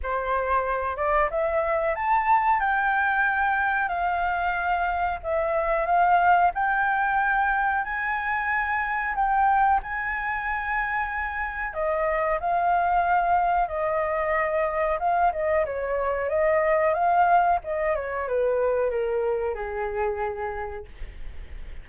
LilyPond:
\new Staff \with { instrumentName = "flute" } { \time 4/4 \tempo 4 = 92 c''4. d''8 e''4 a''4 | g''2 f''2 | e''4 f''4 g''2 | gis''2 g''4 gis''4~ |
gis''2 dis''4 f''4~ | f''4 dis''2 f''8 dis''8 | cis''4 dis''4 f''4 dis''8 cis''8 | b'4 ais'4 gis'2 | }